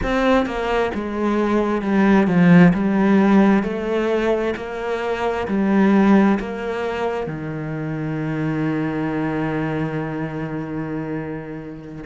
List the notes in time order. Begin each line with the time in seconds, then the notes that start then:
0.02 C4
0.45 A#3
0.94 G#3
1.81 G3
2.27 F3
2.73 G3
3.63 A3
4.56 A#3
5.48 G3
6.39 A#3
7.26 D#3